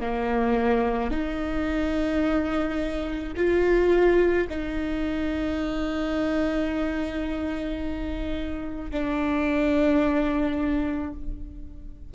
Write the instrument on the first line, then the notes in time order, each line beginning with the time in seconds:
viola
0.00 A#3
1.11 D#4
3.36 F4
4.49 D#4
8.90 D4